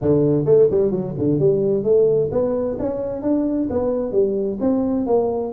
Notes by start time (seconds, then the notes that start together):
0.01 D3
0.45 A3
0.70 G3
0.91 F#3
1.17 D3
1.39 G3
1.83 A3
2.31 B3
2.79 C#4
3.22 D4
3.70 B3
4.12 G3
4.60 C4
5.06 A#3